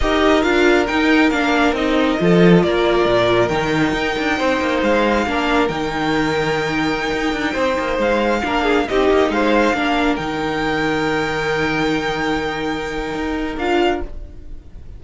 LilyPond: <<
  \new Staff \with { instrumentName = "violin" } { \time 4/4 \tempo 4 = 137 dis''4 f''4 g''4 f''4 | dis''2 d''2 | g''2. f''4~ | f''4 g''2.~ |
g''2~ g''16 f''4.~ f''16~ | f''16 dis''4 f''2 g''8.~ | g''1~ | g''2. f''4 | }
  \new Staff \with { instrumentName = "violin" } { \time 4/4 ais'1~ | ais'4 a'4 ais'2~ | ais'2 c''2 | ais'1~ |
ais'4~ ais'16 c''2 ais'8 gis'16~ | gis'16 g'4 c''4 ais'4.~ ais'16~ | ais'1~ | ais'1 | }
  \new Staff \with { instrumentName = "viola" } { \time 4/4 g'4 f'4 dis'4 d'4 | dis'4 f'2. | dis'1 | d'4 dis'2.~ |
dis'2.~ dis'16 d'8.~ | d'16 dis'2 d'4 dis'8.~ | dis'1~ | dis'2. f'4 | }
  \new Staff \with { instrumentName = "cello" } { \time 4/4 dis'4 d'4 dis'4 ais4 | c'4 f4 ais4 ais,4 | dis4 dis'8 d'8 c'8 ais8 gis4 | ais4 dis2.~ |
dis16 dis'8 d'8 c'8 ais8 gis4 ais8.~ | ais16 c'8 ais8 gis4 ais4 dis8.~ | dis1~ | dis2 dis'4 d'4 | }
>>